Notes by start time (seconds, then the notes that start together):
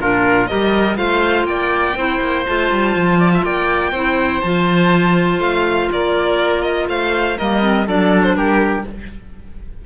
0.00 A#2 D4 F4 A#4
0.47 G3 G4 A#4 D#5
0.95 A3 F4 C5 F5
1.44 A#3 D5 G5
1.95 C4 E4 C5
2.20 A#3
2.46 A3 F4 A5
2.72 G3
2.95 F3
3.19 D5
3.33 E5
3.43 A#3 D5 G5
3.91 C4 E4 C5
4.41 F3 F4 A5
5.39 A3 F5
5.92 A#3 A#4 D5
6.61 D#5
6.88 A3 C5 F5
7.38 G3 A#3 A#4 D#5
7.61 C4
7.86 F#3 D4 A4 D5
8.23 C5
8.35 G3 G4 A#4